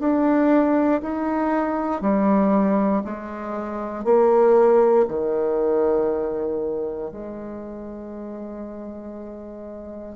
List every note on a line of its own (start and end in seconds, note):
0.00 1.02 D4
1.02 2.02 D#4
2.02 3.03 G3
3.05 4.05 G#3
4.05 5.07 A#3
5.08 7.11 D#3
7.11 10.16 G#3